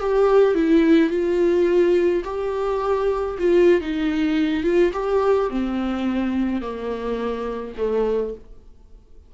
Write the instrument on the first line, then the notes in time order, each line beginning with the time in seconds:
viola
0.00 G4
0.55 E4
1.10 F4
2.25 G4
3.39 F4
3.81 D#4
4.64 F4
4.93 G4
5.50 C4
6.62 A#3
7.78 A3